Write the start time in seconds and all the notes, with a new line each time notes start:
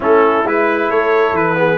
0.00 A3 C#4 E4 A4
0.44 G#3 E4 B4
0.89 A3 A4 C#5
1.32 E3 B4
1.55 B3 G#4